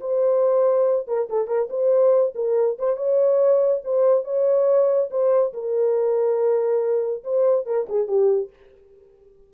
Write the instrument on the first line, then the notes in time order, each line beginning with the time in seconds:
horn
0.00 C5
1.07 A#4
1.29 A4
1.47 A#4
1.70 C5
2.35 A#4
2.79 C5
2.97 C#5
3.84 C5
4.24 C#5
5.10 C5
5.53 A#4
7.23 C5
7.66 A#4
7.89 G#4
8.07 G4